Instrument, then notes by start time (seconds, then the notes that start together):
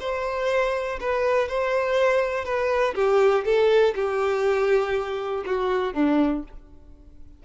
violin
0.00 C5
1.00 B4
1.48 C5
2.45 B4
2.95 G4
3.45 A4
3.95 G4
5.46 F#4
5.93 D4